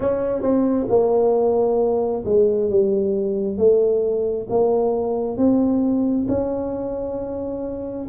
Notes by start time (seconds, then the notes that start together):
0.00 C#4
0.42 C4
0.89 A#3
2.25 G#3
2.69 G3
3.57 A3
4.49 A#3
5.37 C4
6.28 C#4